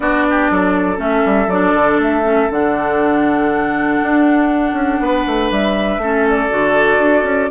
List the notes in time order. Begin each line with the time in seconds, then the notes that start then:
0.00 B3 D4 F#4 D5
0.30 G4
0.50 F#3 A4
0.96 A3 C#4 E5
1.25 G3
1.47 F#3 D4 D5
1.74 D3
1.98 A3 E5
2.23 C#4
2.50 D3 D4 F#5
4.02 D4
4.72 C#4
5.00 B3 B4
5.26 A3
5.50 G3 E5
5.97 A3 C#4 A4
6.29 D5
6.49 D3 F#4
6.99 D4
7.23 C#4